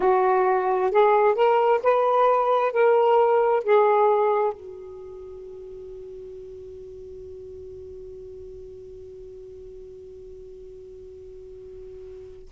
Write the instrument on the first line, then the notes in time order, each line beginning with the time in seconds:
saxophone
0.00 F#4
0.91 G#4
1.34 A#4
1.83 B4
2.72 A#4
3.63 G#4
4.52 F#4